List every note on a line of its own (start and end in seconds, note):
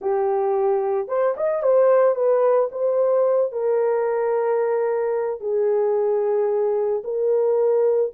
0.01 1.07 G4
1.07 1.34 C5
1.37 1.62 D#5
1.62 2.15 C5
2.15 2.69 B4
2.71 3.52 C5
3.52 5.40 A#4
5.40 7.02 G#4
7.03 8.12 A#4